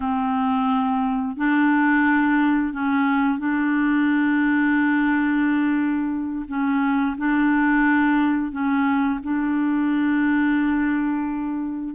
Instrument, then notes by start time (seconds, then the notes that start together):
clarinet
0.00 C4
1.36 D4
2.73 C#4
3.38 D4
6.47 C#4
7.17 D4
8.51 C#4
9.23 D4